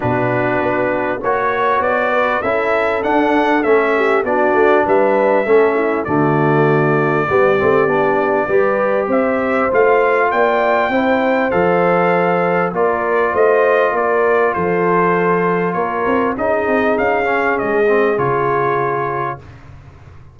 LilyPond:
<<
  \new Staff \with { instrumentName = "trumpet" } { \time 4/4 \tempo 4 = 99 b'2 cis''4 d''4 | e''4 fis''4 e''4 d''4 | e''2 d''2~ | d''2. e''4 |
f''4 g''2 f''4~ | f''4 d''4 dis''4 d''4 | c''2 cis''4 dis''4 | f''4 dis''4 cis''2 | }
  \new Staff \with { instrumentName = "horn" } { \time 4/4 fis'2 cis''4. b'8 | a'2~ a'8 g'8 fis'4 | b'4 a'8 e'8 fis'2 | g'2 b'4 c''4~ |
c''4 d''4 c''2~ | c''4 ais'4 c''4 ais'4 | a'2 ais'4 gis'4~ | gis'1 | }
  \new Staff \with { instrumentName = "trombone" } { \time 4/4 d'2 fis'2 | e'4 d'4 cis'4 d'4~ | d'4 cis'4 a2 | b8 c'8 d'4 g'2 |
f'2 e'4 a'4~ | a'4 f'2.~ | f'2. dis'4~ | dis'8 cis'4 c'8 f'2 | }
  \new Staff \with { instrumentName = "tuba" } { \time 4/4 b,4 b4 ais4 b4 | cis'4 d'4 a4 b8 a8 | g4 a4 d2 | g8 a8 b4 g4 c'4 |
a4 ais4 c'4 f4~ | f4 ais4 a4 ais4 | f2 ais8 c'8 cis'8 c'8 | cis'4 gis4 cis2 | }
>>